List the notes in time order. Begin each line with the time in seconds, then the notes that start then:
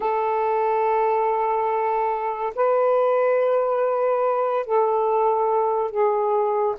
0.00 A4
2.55 B4
4.66 A4
5.90 G#4